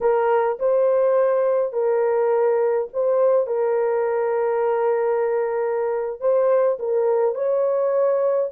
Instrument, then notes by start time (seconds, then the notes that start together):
horn
0.01 A#4
0.59 C5
1.72 A#4
2.93 C5
3.46 A#4
6.20 C5
6.79 A#4
7.34 C#5